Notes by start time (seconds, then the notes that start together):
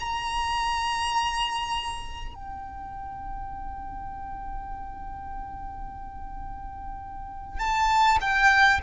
0.00 A#5
2.34 G5
7.59 A5
8.21 G5